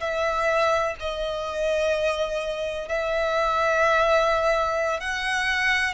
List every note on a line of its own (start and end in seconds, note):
0.00 0.95 E5
1.00 2.88 D#5
2.88 5.00 E5
5.00 5.94 F#5